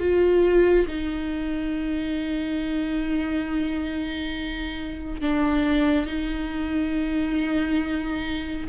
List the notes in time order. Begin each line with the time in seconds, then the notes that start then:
0.00 F4
0.88 D#4
5.21 D4
6.07 D#4